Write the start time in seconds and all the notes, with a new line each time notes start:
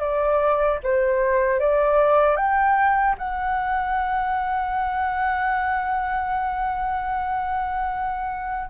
0.00 D5
0.84 C5
1.60 D5
2.37 G5
3.19 F#5